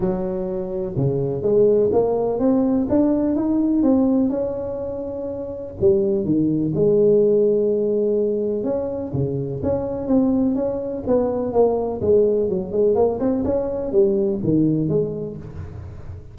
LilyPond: \new Staff \with { instrumentName = "tuba" } { \time 4/4 \tempo 4 = 125 fis2 cis4 gis4 | ais4 c'4 d'4 dis'4 | c'4 cis'2. | g4 dis4 gis2~ |
gis2 cis'4 cis4 | cis'4 c'4 cis'4 b4 | ais4 gis4 fis8 gis8 ais8 c'8 | cis'4 g4 dis4 gis4 | }